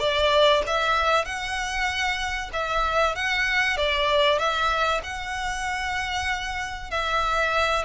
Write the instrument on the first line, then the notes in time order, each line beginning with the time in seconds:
violin
0.00 D5
0.67 E5
1.25 F#5
2.53 E5
3.16 F#5
3.77 D5
4.39 E5
5.04 F#5
6.91 E5